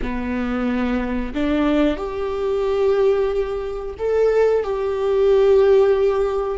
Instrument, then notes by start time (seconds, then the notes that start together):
viola
0.01 B3
1.34 D4
1.96 G4
3.98 A4
4.63 G4